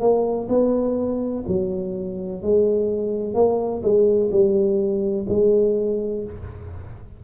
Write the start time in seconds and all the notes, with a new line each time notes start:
0.00 A#3
0.48 B3
1.47 F#3
2.42 G#3
3.34 A#3
3.82 G#3
4.31 G3
5.29 G#3